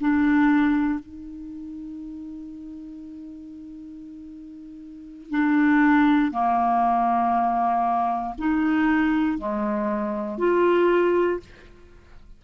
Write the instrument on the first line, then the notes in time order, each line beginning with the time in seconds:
clarinet
0.00 D4
0.99 D#4
5.30 D4
6.31 A#3
8.39 D#4
9.38 G#3
10.38 F4